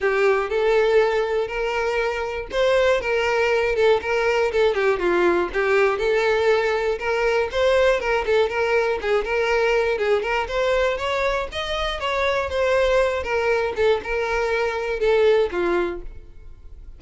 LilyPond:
\new Staff \with { instrumentName = "violin" } { \time 4/4 \tempo 4 = 120 g'4 a'2 ais'4~ | ais'4 c''4 ais'4. a'8 | ais'4 a'8 g'8 f'4 g'4 | a'2 ais'4 c''4 |
ais'8 a'8 ais'4 gis'8 ais'4. | gis'8 ais'8 c''4 cis''4 dis''4 | cis''4 c''4. ais'4 a'8 | ais'2 a'4 f'4 | }